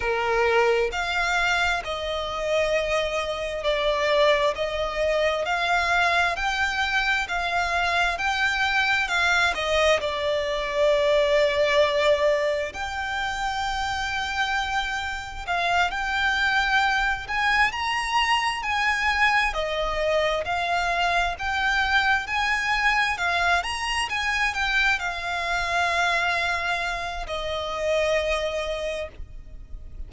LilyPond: \new Staff \with { instrumentName = "violin" } { \time 4/4 \tempo 4 = 66 ais'4 f''4 dis''2 | d''4 dis''4 f''4 g''4 | f''4 g''4 f''8 dis''8 d''4~ | d''2 g''2~ |
g''4 f''8 g''4. gis''8 ais''8~ | ais''8 gis''4 dis''4 f''4 g''8~ | g''8 gis''4 f''8 ais''8 gis''8 g''8 f''8~ | f''2 dis''2 | }